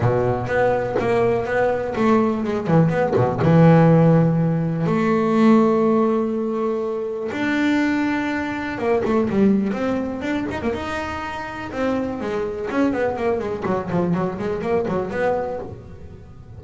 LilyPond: \new Staff \with { instrumentName = "double bass" } { \time 4/4 \tempo 4 = 123 b,4 b4 ais4 b4 | a4 gis8 e8 b8 b,8 e4~ | e2 a2~ | a2. d'4~ |
d'2 ais8 a8 g4 | c'4 d'8 dis'16 ais16 dis'2 | c'4 gis4 cis'8 b8 ais8 gis8 | fis8 f8 fis8 gis8 ais8 fis8 b4 | }